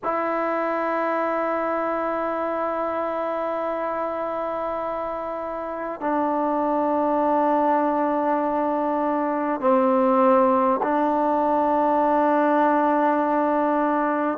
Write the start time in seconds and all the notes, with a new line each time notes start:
0.03 E4
6.00 D4
9.60 C4
10.82 D4